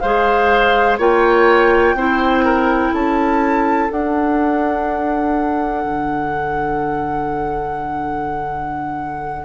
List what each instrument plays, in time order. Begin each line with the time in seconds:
0.00 bassoon G#3, clarinet G#4, oboe C5, flute F5
0.98 bassoon A#3, clarinet F4, oboe C#5, flute G5
1.94 bassoon C4, clarinet E4, oboe C5
2.45 oboe A#4
2.93 bassoon C#4, oboe A4, flute A5
3.89 clarinet D4, bassoon D4, flute F#5
5.84 bassoon D3